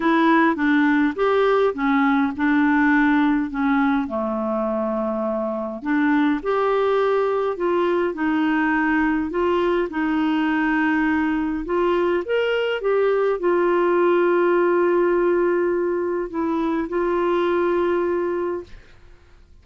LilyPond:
\new Staff \with { instrumentName = "clarinet" } { \time 4/4 \tempo 4 = 103 e'4 d'4 g'4 cis'4 | d'2 cis'4 a4~ | a2 d'4 g'4~ | g'4 f'4 dis'2 |
f'4 dis'2. | f'4 ais'4 g'4 f'4~ | f'1 | e'4 f'2. | }